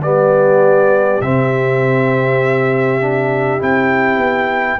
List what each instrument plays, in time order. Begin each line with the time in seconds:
0.00 tuba G3, trombone B3, horn G4, trumpet D5
1.21 tuba C3, trombone C4, trumpet E5
3.00 trombone D4
3.59 tuba C4, trombone E4, trumpet G5
4.17 tuba B3